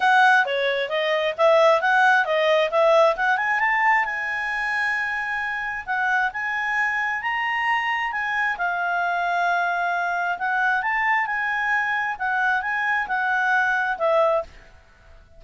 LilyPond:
\new Staff \with { instrumentName = "clarinet" } { \time 4/4 \tempo 4 = 133 fis''4 cis''4 dis''4 e''4 | fis''4 dis''4 e''4 fis''8 gis''8 | a''4 gis''2.~ | gis''4 fis''4 gis''2 |
ais''2 gis''4 f''4~ | f''2. fis''4 | a''4 gis''2 fis''4 | gis''4 fis''2 e''4 | }